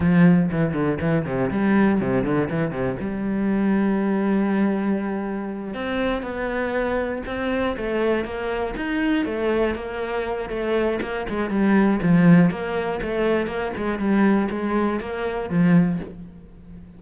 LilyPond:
\new Staff \with { instrumentName = "cello" } { \time 4/4 \tempo 4 = 120 f4 e8 d8 e8 c8 g4 | c8 d8 e8 c8 g2~ | g2.~ g8 c'8~ | c'8 b2 c'4 a8~ |
a8 ais4 dis'4 a4 ais8~ | ais4 a4 ais8 gis8 g4 | f4 ais4 a4 ais8 gis8 | g4 gis4 ais4 f4 | }